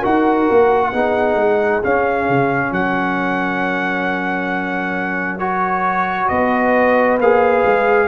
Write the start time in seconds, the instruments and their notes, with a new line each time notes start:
0.00 tuba D#4, trombone F#4, horn A#4, trumpet F#5
0.50 tuba A#3
0.92 tuba B3, trombone D#4, horn G#4
1.35 tuba G#3
1.82 trombone C#4, tuba C#4, trumpet F5
2.28 tuba C#3
2.71 tuba F#3, horn A#4, trumpet F#5
5.38 trombone F#4, trumpet C#5
6.28 tuba B3, horn B4, trumpet D#5
7.18 tuba A#3, trombone G#4, trumpet F5
7.65 tuba G#3